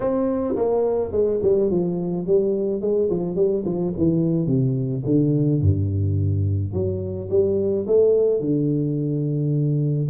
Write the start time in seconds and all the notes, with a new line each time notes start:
0.00 C4
0.55 A#3
1.11 G#3
1.42 G3
1.70 F3
2.26 G3
2.81 G#3
3.10 F3
3.35 G3
3.65 F3
3.97 E3
4.46 C3
5.05 D3
5.61 G2
6.73 F#3
7.30 G3
7.87 A3
8.40 D3